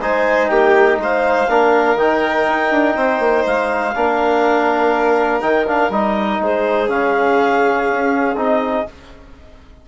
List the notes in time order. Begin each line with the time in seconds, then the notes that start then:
0.00 G#3 D#4 C5 G#5
0.48 A#3 G4 G5
0.98 G#3 C5 F5
1.49 A#3 D4 A#4
1.96 D#3 D#4 G5
2.49 D#4
2.71 D4
2.96 C4 C5
3.19 A#3
3.46 G#3 F5
3.95 A#3 D4 A#4
5.41 D#3 D#4 G5
5.67 D4 F5
5.90 G3 D#4 D#5
6.40 G#3 G#4 C5
6.89 C#3 C#4 F5
7.90 C#4
8.36 C4 D#4 D#5